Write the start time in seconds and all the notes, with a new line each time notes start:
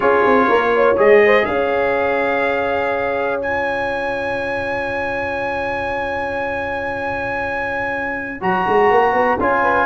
0.00 C#4 F4 G#4 C#5
0.25 C4
0.48 A#3 A#4
0.73 C#5
0.97 G#3 G#4 D#5
1.25 C5
1.45 C#4 C#5 F5
3.41 F4 G#5
8.40 F#3 F#4 A#5
8.68 G#3
8.90 A#3
9.12 B3
9.39 C#4 F4 G#5
9.62 B4